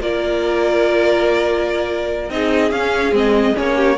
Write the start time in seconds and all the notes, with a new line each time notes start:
0.00 A#3 F4 A#4 D5
2.29 C4 D#4 G#4 D#5
2.71 C#4 F5
3.11 G#3 C4 D#5
3.54 A#3 C#4 C#5
3.76 G4